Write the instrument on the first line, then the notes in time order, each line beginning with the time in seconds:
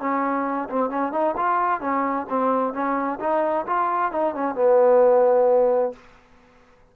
trombone
0.00 C#4
0.70 C4
0.90 C#4
1.12 D#4
1.37 F4
1.81 C#4
2.30 C4
2.74 C#4
3.20 D#4
3.67 F4
4.12 D#4
4.35 C#4
4.55 B3